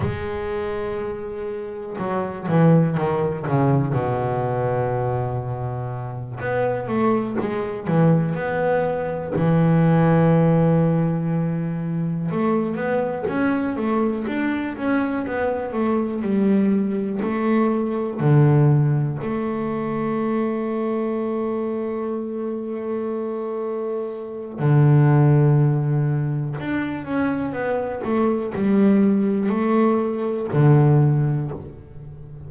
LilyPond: \new Staff \with { instrumentName = "double bass" } { \time 4/4 \tempo 4 = 61 gis2 fis8 e8 dis8 cis8 | b,2~ b,8 b8 a8 gis8 | e8 b4 e2~ e8~ | e8 a8 b8 cis'8 a8 d'8 cis'8 b8 |
a8 g4 a4 d4 a8~ | a1~ | a4 d2 d'8 cis'8 | b8 a8 g4 a4 d4 | }